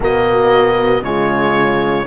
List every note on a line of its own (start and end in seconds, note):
0.00 1.02 B2
0.00 1.03 A#3
0.00 1.02 F#4
0.00 1.03 D#5
1.02 2.05 C#3
1.02 2.06 G#3
1.02 2.06 F4
1.02 2.06 C#5